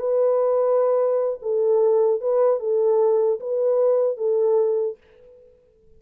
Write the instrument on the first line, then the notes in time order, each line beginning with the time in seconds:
horn
0.00 B4
1.42 A4
2.21 B4
2.60 A4
3.40 B4
4.17 A4